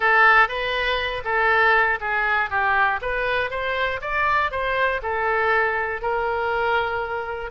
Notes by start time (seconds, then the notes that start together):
0.00 A4
0.48 B4
1.24 A4
2.00 G#4
2.50 G4
3.01 B4
3.50 C5
4.01 D5
4.51 C5
5.02 A4
6.01 A#4